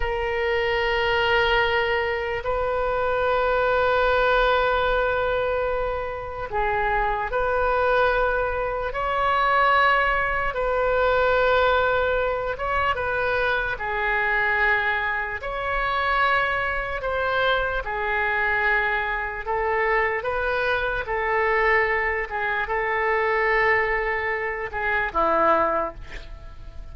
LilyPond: \new Staff \with { instrumentName = "oboe" } { \time 4/4 \tempo 4 = 74 ais'2. b'4~ | b'1 | gis'4 b'2 cis''4~ | cis''4 b'2~ b'8 cis''8 |
b'4 gis'2 cis''4~ | cis''4 c''4 gis'2 | a'4 b'4 a'4. gis'8 | a'2~ a'8 gis'8 e'4 | }